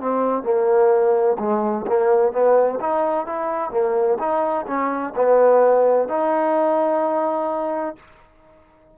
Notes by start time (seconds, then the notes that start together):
0.00 C4
0.43 A#3
1.39 G#3
1.87 A#3
2.32 B3
2.80 D#4
3.26 E4
3.71 A#3
4.19 D#4
4.67 C#4
5.16 B3
6.08 D#4